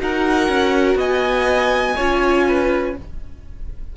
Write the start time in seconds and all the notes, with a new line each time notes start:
0.00 D#4 F#4 A#4 F#5
0.49 C#4
0.95 B3 D#5 G#5
1.96 C#4 F4 C#5
2.48 B4